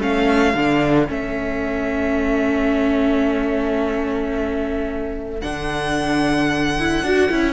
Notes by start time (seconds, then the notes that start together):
0.00 A3 C#4 A4 F5
0.54 D3 D4
1.07 A3 C#4 E5
5.42 D3 D4 F#5
6.80 E4
7.02 D4 F#4
7.30 C#4 E4